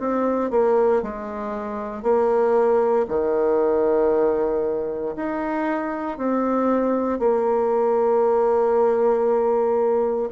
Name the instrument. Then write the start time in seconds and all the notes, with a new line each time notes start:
bassoon
0.00 C4
0.51 A#3
1.03 G#3
2.03 A#3
3.08 D#3
5.16 D#4
6.18 C4
7.19 A#3